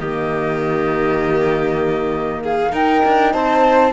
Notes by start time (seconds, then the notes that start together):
0.00 D#3 A#3 G4 D#5
2.44 G#4 F5
2.72 D#4 A#4 G5
3.05 D4
3.33 C4 C5 A5